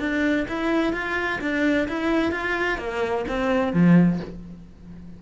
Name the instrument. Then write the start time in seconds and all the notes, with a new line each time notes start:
cello
0.00 D4
0.49 E4
0.93 F4
1.41 D4
1.89 E4
2.32 F4
2.79 A#3
3.29 C4
3.73 F3